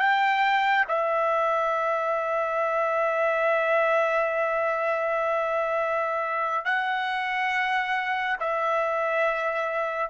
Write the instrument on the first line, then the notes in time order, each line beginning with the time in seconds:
trumpet
0.00 G5
0.89 E5
6.66 F#5
8.40 E5